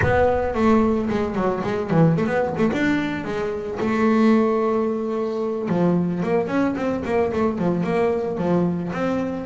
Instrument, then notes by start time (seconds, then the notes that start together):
double bass
0.02 B3
0.54 A3
1.09 G#3
1.35 F#3
1.63 G#3
1.90 E3
2.16 A3
2.27 B3
2.57 A3
2.72 D4
3.24 G#3
3.80 A3
5.68 F3
6.22 A#3
6.47 C#4
6.76 C4
7.04 A#3
7.32 A3
7.58 F3
7.83 A#3
8.37 F3
8.93 C4